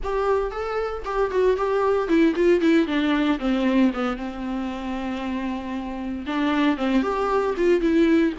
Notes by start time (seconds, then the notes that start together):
0.03 G4
0.51 A4
1.04 G4
1.30 F#4
1.56 G4
2.08 E4
2.35 F4
2.61 E4
2.86 D4
3.39 C4
3.93 B3
4.16 C4
6.26 D4
6.77 C4
7.02 G4
7.57 F4
7.80 E4